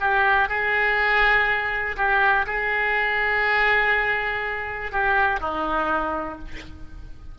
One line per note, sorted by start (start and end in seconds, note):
0.00 0.49 G4
0.49 1.96 G#4
1.97 2.46 G4
2.46 4.91 G#4
4.91 5.41 G4
5.41 6.39 D#4